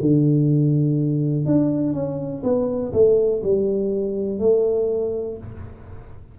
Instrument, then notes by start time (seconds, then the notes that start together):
tuba
0.00 D3
1.46 D4
1.93 C#4
2.43 B3
2.93 A3
3.43 G3
4.39 A3